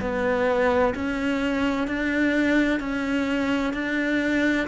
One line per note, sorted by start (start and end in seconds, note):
0.00 0.94 B3
0.94 1.87 C#4
1.87 2.80 D4
2.80 3.73 C#4
3.73 4.67 D4